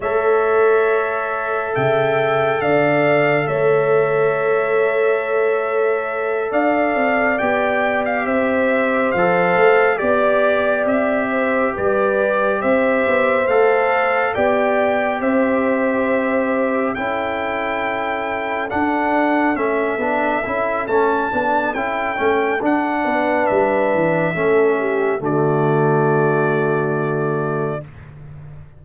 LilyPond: <<
  \new Staff \with { instrumentName = "trumpet" } { \time 4/4 \tempo 4 = 69 e''2 g''4 f''4 | e''2.~ e''8 f''8~ | f''8 g''8. f''16 e''4 f''4 d''8~ | d''8 e''4 d''4 e''4 f''8~ |
f''8 g''4 e''2 g''8~ | g''4. fis''4 e''4. | a''4 g''4 fis''4 e''4~ | e''4 d''2. | }
  \new Staff \with { instrumentName = "horn" } { \time 4/4 cis''2 e''4 d''4 | cis''2.~ cis''8 d''8~ | d''4. c''2 d''8~ | d''4 c''8 b'4 c''4.~ |
c''8 d''4 c''2 a'8~ | a'1~ | a'2~ a'8 b'4. | a'8 g'8 fis'2. | }
  \new Staff \with { instrumentName = "trombone" } { \time 4/4 a'1~ | a'1~ | a'8 g'2 a'4 g'8~ | g'2.~ g'8 a'8~ |
a'8 g'2. e'8~ | e'4. d'4 cis'8 d'8 e'8 | cis'8 d'8 e'8 cis'8 d'2 | cis'4 a2. | }
  \new Staff \with { instrumentName = "tuba" } { \time 4/4 a2 cis4 d4 | a2.~ a8 d'8 | c'8 b4 c'4 f8 a8 b8~ | b8 c'4 g4 c'8 b8 a8~ |
a8 b4 c'2 cis'8~ | cis'4. d'4 a8 b8 cis'8 | a8 b8 cis'8 a8 d'8 b8 g8 e8 | a4 d2. | }
>>